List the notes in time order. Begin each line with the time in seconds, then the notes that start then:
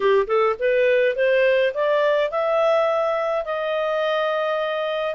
0.00 G4
0.27 A4
0.59 B4
1.15 C5
1.74 D5
2.30 E5
3.44 D#5